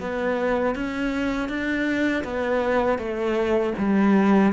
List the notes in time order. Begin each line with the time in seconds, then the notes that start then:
0.00 B3
0.75 C#4
1.49 D4
2.24 B3
2.98 A3
3.78 G3